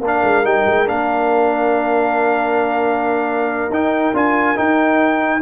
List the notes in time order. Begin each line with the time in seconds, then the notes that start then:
0.00 A#3 D4 A#4
0.07 F5
0.23 G#3
0.44 G3 D#4 G5
0.66 G#3
0.86 A#3 D4 F5
3.69 D#4 G5
4.13 D4 F4 G#5
4.55 D#4 G5